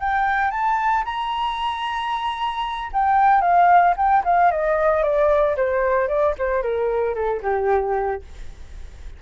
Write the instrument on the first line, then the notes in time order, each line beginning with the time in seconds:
flute
0.00 G5
0.51 A5
1.05 A#5
2.93 G5
3.41 F5
3.97 G5
4.25 F5
4.51 D#5
5.03 D5
5.56 C5
6.08 D5
6.38 C5
6.62 A#4
7.15 A4
7.43 G4